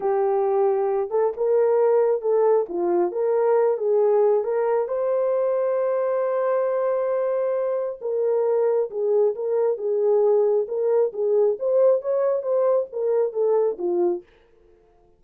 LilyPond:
\new Staff \with { instrumentName = "horn" } { \time 4/4 \tempo 4 = 135 g'2~ g'8 a'8 ais'4~ | ais'4 a'4 f'4 ais'4~ | ais'8 gis'4. ais'4 c''4~ | c''1~ |
c''2 ais'2 | gis'4 ais'4 gis'2 | ais'4 gis'4 c''4 cis''4 | c''4 ais'4 a'4 f'4 | }